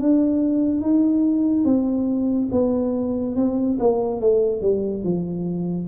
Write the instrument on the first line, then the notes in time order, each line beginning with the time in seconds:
tuba
0.00 D4
0.81 D#4
1.64 C4
2.52 B3
3.36 C4
3.80 A#3
4.20 A3
4.61 G3
5.04 F3